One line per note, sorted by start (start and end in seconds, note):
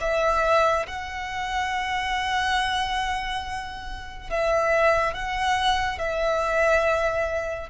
0.00 0.86 E5
0.87 4.30 F#5
4.30 5.14 E5
5.14 5.98 F#5
5.98 7.69 E5